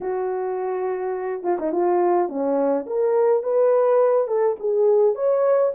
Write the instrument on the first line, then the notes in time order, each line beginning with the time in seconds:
horn
0.00 F#4
1.43 F4
1.59 D#4
1.72 F4
2.28 C#4
2.86 A#4
3.43 B4
4.27 A4
4.59 G#4
5.15 C#5